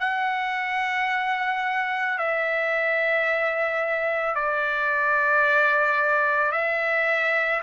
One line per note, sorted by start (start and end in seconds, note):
0.00 2.18 F#5
2.18 4.35 E5
4.35 6.52 D5
6.52 7.61 E5